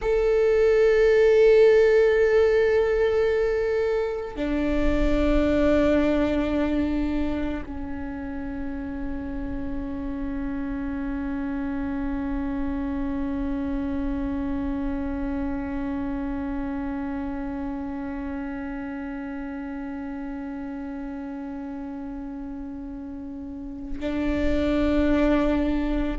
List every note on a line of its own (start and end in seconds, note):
0.01 4.36 A4
4.36 7.63 D4
7.66 24.00 C#4
24.00 26.18 D4